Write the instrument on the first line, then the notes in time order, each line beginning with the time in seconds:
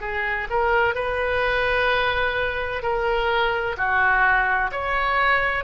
oboe
0.00 G#4
0.49 A#4
0.95 B4
2.82 A#4
3.77 F#4
4.71 C#5